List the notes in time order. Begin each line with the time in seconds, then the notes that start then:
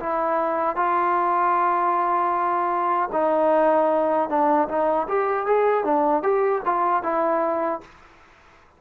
0.00 E4
0.77 F4
3.13 D#4
4.30 D4
4.69 D#4
5.09 G4
5.47 G#4
5.84 D4
6.23 G4
6.66 F4
7.03 E4